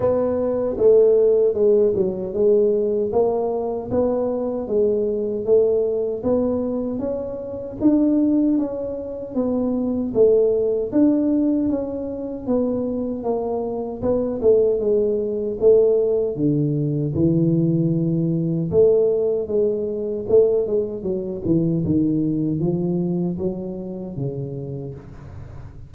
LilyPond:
\new Staff \with { instrumentName = "tuba" } { \time 4/4 \tempo 4 = 77 b4 a4 gis8 fis8 gis4 | ais4 b4 gis4 a4 | b4 cis'4 d'4 cis'4 | b4 a4 d'4 cis'4 |
b4 ais4 b8 a8 gis4 | a4 d4 e2 | a4 gis4 a8 gis8 fis8 e8 | dis4 f4 fis4 cis4 | }